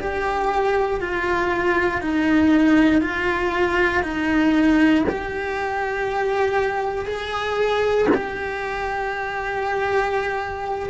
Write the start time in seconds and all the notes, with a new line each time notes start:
0.00 G4
1.01 F4
2.02 D#4
3.02 F4
4.03 D#4
5.09 G4
7.06 G#4
8.15 G4